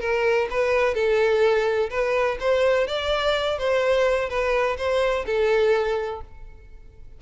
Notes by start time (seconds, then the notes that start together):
0.00 A#4
0.50 B4
0.94 A4
1.90 B4
2.40 C5
2.87 D5
3.58 C5
4.29 B4
4.77 C5
5.26 A4